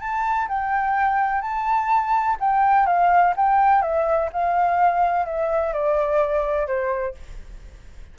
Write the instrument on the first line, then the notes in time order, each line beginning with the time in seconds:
flute
0.00 A5
0.48 G5
1.41 A5
2.39 G5
2.86 F5
3.36 G5
3.81 E5
4.32 F5
5.25 E5
5.73 D5
6.67 C5